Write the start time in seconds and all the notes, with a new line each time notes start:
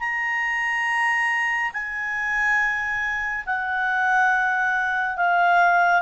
0.00 A#5
1.73 G#5
3.46 F#5
5.17 F5